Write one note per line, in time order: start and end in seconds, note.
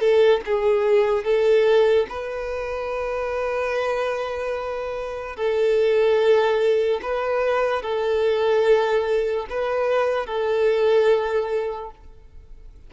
0.00 0.41 A4
0.46 1.25 G#4
1.25 2.07 A4
2.10 5.36 B4
5.36 7.01 A4
7.03 7.83 B4
7.83 9.47 A4
9.50 10.27 B4
10.27 11.91 A4